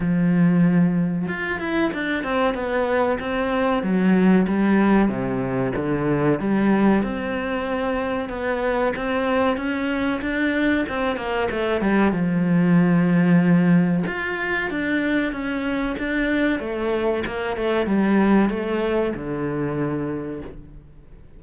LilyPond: \new Staff \with { instrumentName = "cello" } { \time 4/4 \tempo 4 = 94 f2 f'8 e'8 d'8 c'8 | b4 c'4 fis4 g4 | c4 d4 g4 c'4~ | c'4 b4 c'4 cis'4 |
d'4 c'8 ais8 a8 g8 f4~ | f2 f'4 d'4 | cis'4 d'4 a4 ais8 a8 | g4 a4 d2 | }